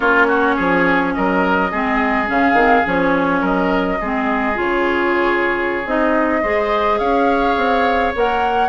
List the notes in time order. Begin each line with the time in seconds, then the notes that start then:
0.00 A#3 C#4 F4 C#5
0.28 F#4
0.55 F3 G#4
1.14 F#3 A#4 D#5
1.71 G#3 C4 G#4
2.26 C#3 C#4 F5
2.53 D#3 C4
2.84 F3 C#4 C#5
3.40 F#3 A#4 D#5
4.00 G#3 C4 G#4
4.54 C#3 F4 C#5
5.85 C4 D#4 D#5
6.42 G#3 G#4 C5
6.98 C#4 C#5 F5
7.56 C4
8.15 A#3 A#4 F#5